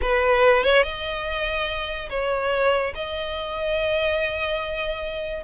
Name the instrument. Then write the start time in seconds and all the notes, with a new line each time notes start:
violin
0.01 B4
0.63 C#5
0.83 D#5
2.09 C#5
2.94 D#5